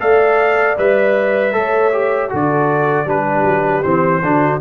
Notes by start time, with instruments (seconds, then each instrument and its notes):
0.00 tuba A3, trombone A4, horn D5, trumpet F5
0.78 tuba G3, trombone B4, trumpet E5
1.53 tuba A3, trombone A4, horn C#5
1.93 trombone G4
2.29 tuba D3, trombone F#4, horn A4
2.35 trumpet D5
3.05 tuba G3, trombone D4, horn G4, trumpet B4
3.44 tuba F#3
3.83 tuba E3, trombone C4, trumpet C5
4.22 tuba D3, trombone D4, horn F#4